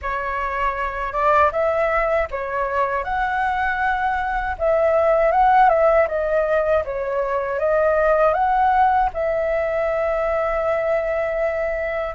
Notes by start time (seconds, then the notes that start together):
0.02 C#5
1.12 D5
1.52 E5
2.31 C#5
3.04 F#5
4.58 E5
5.31 F#5
5.69 E5
6.08 D#5
6.85 C#5
7.59 D#5
8.33 F#5
9.13 E5